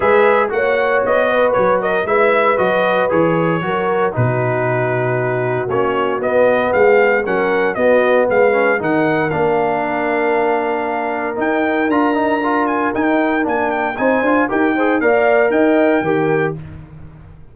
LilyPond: <<
  \new Staff \with { instrumentName = "trumpet" } { \time 4/4 \tempo 4 = 116 e''4 fis''4 dis''4 cis''8 dis''8 | e''4 dis''4 cis''2 | b'2. cis''4 | dis''4 f''4 fis''4 dis''4 |
f''4 fis''4 f''2~ | f''2 g''4 ais''4~ | ais''8 gis''8 g''4 gis''8 g''8 gis''4 | g''4 f''4 g''2 | }
  \new Staff \with { instrumentName = "horn" } { \time 4/4 b'4 cis''4. b'4 ais'8 | b'2. ais'4 | fis'1~ | fis'4 gis'4 ais'4 fis'4 |
b'4 ais'2.~ | ais'1~ | ais'2. c''4 | ais'8 c''8 d''4 dis''4 ais'4 | }
  \new Staff \with { instrumentName = "trombone" } { \time 4/4 gis'4 fis'2. | e'4 fis'4 gis'4 fis'4 | dis'2. cis'4 | b2 cis'4 b4~ |
b8 cis'8 dis'4 d'2~ | d'2 dis'4 f'8 dis'8 | f'4 dis'4 d'4 dis'8 f'8 | g'8 gis'8 ais'2 g'4 | }
  \new Staff \with { instrumentName = "tuba" } { \time 4/4 gis4 ais4 b4 fis4 | gis4 fis4 e4 fis4 | b,2. ais4 | b4 gis4 fis4 b4 |
gis4 dis4 ais2~ | ais2 dis'4 d'4~ | d'4 dis'4 ais4 c'8 d'8 | dis'4 ais4 dis'4 dis4 | }
>>